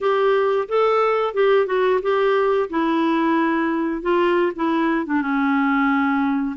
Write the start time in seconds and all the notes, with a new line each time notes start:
0.00 G4
0.68 A4
1.34 G4
1.66 F#4
2.02 G4
2.69 E4
4.01 F4
4.55 E4
5.06 D4
5.21 C#4